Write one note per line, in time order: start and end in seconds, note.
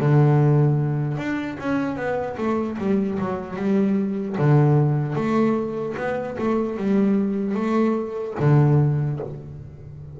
0.00 1.17 D3
1.17 1.57 D4
1.59 1.96 C#4
1.96 2.36 B3
2.37 2.77 A3
2.78 3.18 G3
3.19 3.56 F#3
3.56 4.36 G3
4.38 5.16 D3
5.16 5.96 A3
5.97 6.37 B3
6.39 6.77 A3
6.77 7.55 G3
7.55 8.35 A3
8.40 9.20 D3